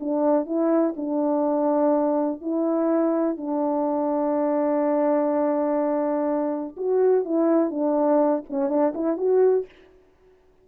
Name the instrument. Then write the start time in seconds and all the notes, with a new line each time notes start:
horn
0.00 D4
0.46 E4
0.96 D4
2.41 E4
3.37 D4
6.77 F#4
7.25 E4
7.71 D4
8.50 C#4
8.69 D4
8.94 E4
9.17 F#4